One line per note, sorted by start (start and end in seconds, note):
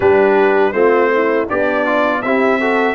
0.00 0.73 G3
0.00 0.73 D4
0.00 0.74 G4
0.00 0.72 B4
0.72 1.47 A3
0.72 1.47 C4
0.72 1.11 F4
0.72 1.46 C5
1.13 1.48 E4
1.48 2.23 B3
1.48 2.22 D4
1.48 1.85 G4
1.48 2.21 D5
1.85 2.22 F4
2.21 2.94 C4
2.21 2.60 E4
2.21 2.59 G4
2.21 2.94 E5
2.59 2.94 F#4
2.59 2.94 A4